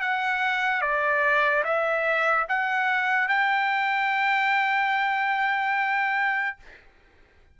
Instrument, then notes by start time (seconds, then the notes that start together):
trumpet
0.00 F#5
0.81 D5
1.64 E5
2.48 F#5
3.28 G5